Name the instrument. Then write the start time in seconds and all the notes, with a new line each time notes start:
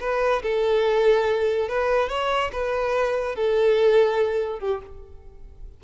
violin
0.00 B4
0.42 A4
1.68 B4
2.09 C#5
2.52 B4
3.35 A4
4.59 G4